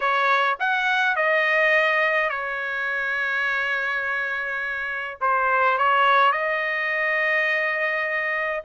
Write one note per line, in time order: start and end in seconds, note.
0.00 0.57 C#5
0.59 1.15 F#5
1.15 2.29 D#5
2.29 5.18 C#5
5.21 5.77 C5
5.77 6.31 C#5
6.31 8.62 D#5